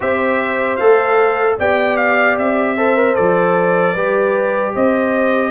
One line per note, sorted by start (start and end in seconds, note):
0.00 0.79 C4
0.00 0.78 G4
0.00 1.57 C5
0.00 0.76 E5
0.76 1.58 A3
0.76 1.58 A4
0.76 1.55 F5
1.57 2.37 B3
1.57 2.77 G4
1.57 2.76 D5
1.57 1.97 G5
1.97 2.36 F5
2.37 3.16 C4
2.37 3.15 E5
2.76 2.96 A4
2.76 3.93 C5
2.96 3.15 A#4
3.15 3.95 F3
3.15 3.95 A4
3.15 4.73 D5
3.93 4.74 G3
3.93 5.51 G4
3.93 4.72 B4
4.74 5.51 C4
4.74 5.51 C5
4.74 5.51 D#5